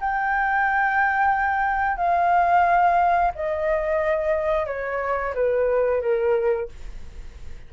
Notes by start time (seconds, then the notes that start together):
0.00 G5
1.97 F5
3.35 D#5
4.66 C#5
5.34 B4
6.01 A#4